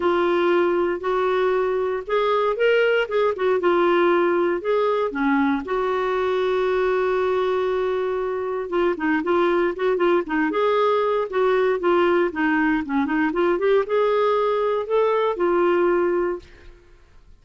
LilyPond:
\new Staff \with { instrumentName = "clarinet" } { \time 4/4 \tempo 4 = 117 f'2 fis'2 | gis'4 ais'4 gis'8 fis'8 f'4~ | f'4 gis'4 cis'4 fis'4~ | fis'1~ |
fis'4 f'8 dis'8 f'4 fis'8 f'8 | dis'8 gis'4. fis'4 f'4 | dis'4 cis'8 dis'8 f'8 g'8 gis'4~ | gis'4 a'4 f'2 | }